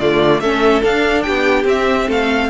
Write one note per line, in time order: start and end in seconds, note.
0.00 0.41 D3
0.00 0.42 A3
0.00 0.42 F4
0.00 0.40 D5
0.40 0.83 A3
0.40 0.82 C#4
0.40 1.25 A4
0.40 0.82 E5
0.82 1.65 D4
0.82 1.26 D4
0.82 1.23 F5
1.23 1.65 B3
1.23 2.08 G4
1.23 1.64 G5
1.65 2.07 C4
1.65 2.51 C4
1.65 2.10 E5
2.08 2.51 A3
2.08 2.49 A4
2.08 2.51 F5